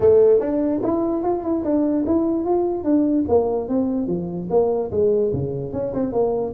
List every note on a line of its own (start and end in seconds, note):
0.00 0.40 A3
0.40 0.80 D4
0.82 1.23 E4
1.23 1.43 F4
1.43 1.63 E4
1.64 2.05 D4
2.06 2.45 E4
2.45 2.83 F4
2.83 3.24 D4
3.28 3.68 A#3
3.68 4.07 C4
4.07 4.48 F3
4.50 4.90 A#3
4.91 5.32 G#3
5.32 5.73 C#3
5.73 5.93 C#4
5.93 6.12 C4
6.12 6.53 A#3